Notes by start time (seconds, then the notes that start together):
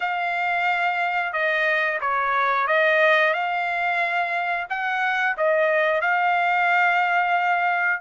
0.00 F5
1.32 D#5
2.00 C#5
2.67 D#5
3.33 F5
4.69 F#5
5.37 D#5
6.01 F5